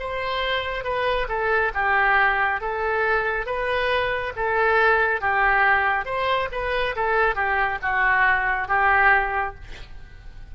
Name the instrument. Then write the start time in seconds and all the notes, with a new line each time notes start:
oboe
0.00 C5
0.84 B4
1.29 A4
1.74 G4
2.61 A4
3.46 B4
4.36 A4
5.21 G4
6.06 C5
6.52 B4
6.96 A4
7.36 G4
7.82 F#4
8.68 G4